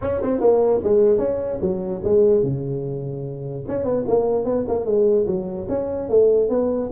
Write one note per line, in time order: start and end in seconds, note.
0.01 0.21 C#4
0.22 0.40 C4
0.40 0.81 A#3
0.83 1.18 G#3
1.18 1.58 C#4
1.61 2.01 F#3
2.04 2.43 G#3
2.43 3.64 C#3
3.67 3.84 C#4
3.84 4.04 B3
4.07 4.44 A#3
4.44 4.65 B3
4.68 4.85 A#3
4.85 5.26 G#3
5.26 5.67 F#3
5.69 6.09 C#4
6.09 6.49 A3
6.49 6.89 B3